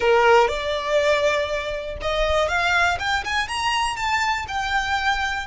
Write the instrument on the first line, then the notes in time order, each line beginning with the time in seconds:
violin
0.00 A#4
0.48 D5
2.01 D#5
2.48 F5
2.99 G5
3.24 G#5
3.47 A#5
3.96 A5
4.48 G5